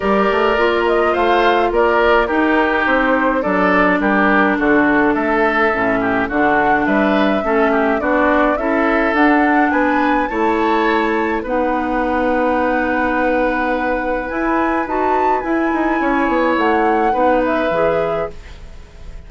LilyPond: <<
  \new Staff \with { instrumentName = "flute" } { \time 4/4 \tempo 4 = 105 d''4. dis''8 f''4 d''4 | ais'4 c''4 d''4 ais'4 | a'4 e''2 fis''4 | e''2 d''4 e''4 |
fis''4 gis''4 a''2 | fis''1~ | fis''4 gis''4 a''4 gis''4~ | gis''4 fis''4. e''4. | }
  \new Staff \with { instrumentName = "oboe" } { \time 4/4 ais'2 c''4 ais'4 | g'2 a'4 g'4 | fis'4 a'4. g'8 fis'4 | b'4 a'8 g'8 fis'4 a'4~ |
a'4 b'4 cis''2 | b'1~ | b'1 | cis''2 b'2 | }
  \new Staff \with { instrumentName = "clarinet" } { \time 4/4 g'4 f'2. | dis'2 d'2~ | d'2 cis'4 d'4~ | d'4 cis'4 d'4 e'4 |
d'2 e'2 | dis'1~ | dis'4 e'4 fis'4 e'4~ | e'2 dis'4 gis'4 | }
  \new Staff \with { instrumentName = "bassoon" } { \time 4/4 g8 a8 ais4 a4 ais4 | dis'4 c'4 fis4 g4 | d4 a4 a,4 d4 | g4 a4 b4 cis'4 |
d'4 b4 a2 | b1~ | b4 e'4 dis'4 e'8 dis'8 | cis'8 b8 a4 b4 e4 | }
>>